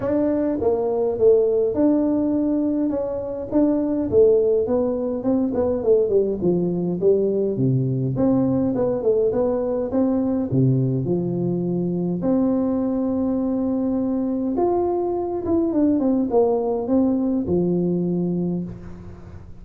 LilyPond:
\new Staff \with { instrumentName = "tuba" } { \time 4/4 \tempo 4 = 103 d'4 ais4 a4 d'4~ | d'4 cis'4 d'4 a4 | b4 c'8 b8 a8 g8 f4 | g4 c4 c'4 b8 a8 |
b4 c'4 c4 f4~ | f4 c'2.~ | c'4 f'4. e'8 d'8 c'8 | ais4 c'4 f2 | }